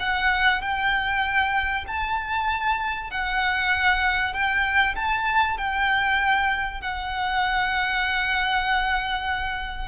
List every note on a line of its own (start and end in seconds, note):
0.00 0.62 F#5
0.62 1.85 G5
1.88 3.11 A5
3.11 4.33 F#5
4.33 4.95 G5
4.96 5.58 A5
5.58 6.81 G5
6.81 9.88 F#5